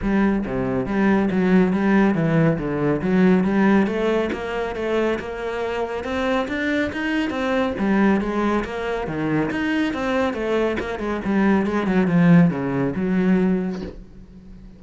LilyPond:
\new Staff \with { instrumentName = "cello" } { \time 4/4 \tempo 4 = 139 g4 c4 g4 fis4 | g4 e4 d4 fis4 | g4 a4 ais4 a4 | ais2 c'4 d'4 |
dis'4 c'4 g4 gis4 | ais4 dis4 dis'4 c'4 | a4 ais8 gis8 g4 gis8 fis8 | f4 cis4 fis2 | }